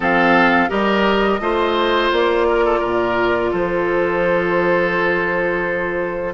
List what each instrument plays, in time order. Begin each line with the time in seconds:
0.00 bassoon F3, clarinet C4, oboe A4, flute F5
0.68 bassoon G3, clarinet G4, oboe A#4, flute D#5
1.39 bassoon A3, clarinet F4, oboe C5
2.12 bassoon A#3, flute D5
2.48 oboe A#4
2.65 oboe A4
2.79 bassoon A#2, oboe A#4
3.51 bassoon F3, oboe A4, flute C5